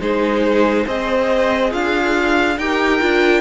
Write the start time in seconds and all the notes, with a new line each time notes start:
0.00 G#3 D#4 G#4 C5
0.86 C4 G#4 C5 D#5
1.71 D4 F4 F5
2.58 D#4 G4 A#4 G5
3.00 D4 F4